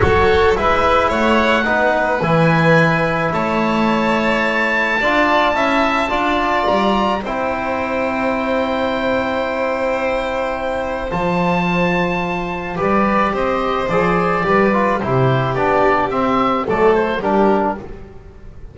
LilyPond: <<
  \new Staff \with { instrumentName = "oboe" } { \time 4/4 \tempo 4 = 108 cis''4 e''4 fis''2 | gis''2 a''2~ | a''1 | ais''4 g''2.~ |
g''1 | a''2. d''4 | dis''4 d''2 c''4 | d''4 e''4 d''8 c''8 ais'4 | }
  \new Staff \with { instrumentName = "violin" } { \time 4/4 a'4 b'4 cis''4 b'4~ | b'2 cis''2~ | cis''4 d''4 e''4 d''4~ | d''4 c''2.~ |
c''1~ | c''2. b'4 | c''2 b'4 g'4~ | g'2 a'4 g'4 | }
  \new Staff \with { instrumentName = "trombone" } { \time 4/4 fis'4 e'2 dis'4 | e'1~ | e'4 f'4 e'4 f'4~ | f'4 e'2.~ |
e'1 | f'2. g'4~ | g'4 gis'4 g'8 f'8 e'4 | d'4 c'4 a4 d'4 | }
  \new Staff \with { instrumentName = "double bass" } { \time 4/4 fis4 gis4 a4 b4 | e2 a2~ | a4 d'4 cis'4 d'4 | g4 c'2.~ |
c'1 | f2. g4 | c'4 f4 g4 c4 | b4 c'4 fis4 g4 | }
>>